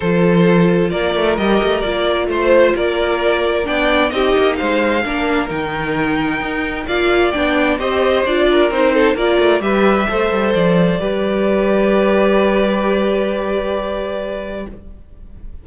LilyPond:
<<
  \new Staff \with { instrumentName = "violin" } { \time 4/4 \tempo 4 = 131 c''2 d''4 dis''4 | d''4 c''4 d''2 | g''4 dis''4 f''2 | g''2. f''4 |
g''4 dis''4 d''4 c''4 | d''4 e''2 d''4~ | d''1~ | d''1 | }
  \new Staff \with { instrumentName = "violin" } { \time 4/4 a'2 ais'2~ | ais'4 c''4 ais'2 | d''4 g'4 c''4 ais'4~ | ais'2. d''4~ |
d''4 c''4. ais'4 a'8 | ais'4 b'4 c''2 | b'1~ | b'1 | }
  \new Staff \with { instrumentName = "viola" } { \time 4/4 f'2. g'4 | f'1 | d'4 dis'2 d'4 | dis'2. f'4 |
d'4 g'4 f'4 dis'4 | f'4 g'4 a'2 | g'1~ | g'1 | }
  \new Staff \with { instrumentName = "cello" } { \time 4/4 f2 ais8 a8 g8 a8 | ais4 a4 ais2 | b4 c'8 ais8 gis4 ais4 | dis2 dis'4 ais4 |
b4 c'4 d'4 c'4 | ais8 a8 g4 a8 g8 f4 | g1~ | g1 | }
>>